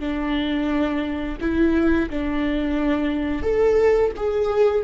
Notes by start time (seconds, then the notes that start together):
0.00 D4
1.41 E4
2.11 D4
3.43 A4
4.17 G#4